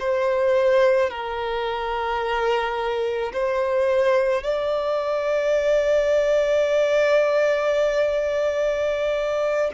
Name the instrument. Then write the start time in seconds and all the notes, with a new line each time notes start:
violin
0.00 C5
1.11 A#4
3.33 C5
4.43 D5